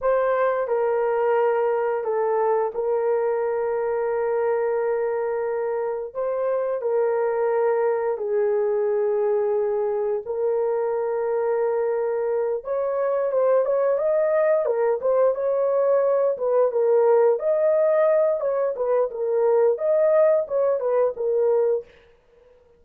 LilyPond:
\new Staff \with { instrumentName = "horn" } { \time 4/4 \tempo 4 = 88 c''4 ais'2 a'4 | ais'1~ | ais'4 c''4 ais'2 | gis'2. ais'4~ |
ais'2~ ais'8 cis''4 c''8 | cis''8 dis''4 ais'8 c''8 cis''4. | b'8 ais'4 dis''4. cis''8 b'8 | ais'4 dis''4 cis''8 b'8 ais'4 | }